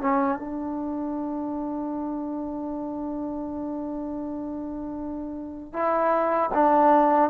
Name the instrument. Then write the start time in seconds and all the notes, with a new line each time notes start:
trombone
0.00 C#4
0.39 D4
5.73 E4
6.54 D4